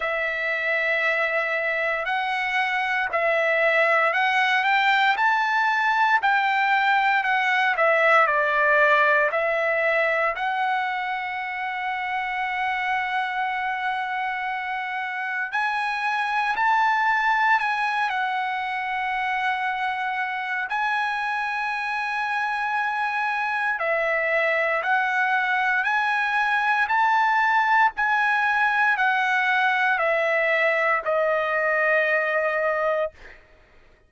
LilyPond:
\new Staff \with { instrumentName = "trumpet" } { \time 4/4 \tempo 4 = 58 e''2 fis''4 e''4 | fis''8 g''8 a''4 g''4 fis''8 e''8 | d''4 e''4 fis''2~ | fis''2. gis''4 |
a''4 gis''8 fis''2~ fis''8 | gis''2. e''4 | fis''4 gis''4 a''4 gis''4 | fis''4 e''4 dis''2 | }